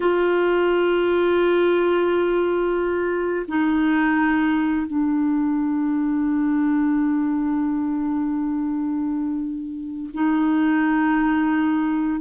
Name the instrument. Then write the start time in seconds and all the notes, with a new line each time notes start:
clarinet
0.00 F4
3.48 D#4
4.86 D4
10.13 D#4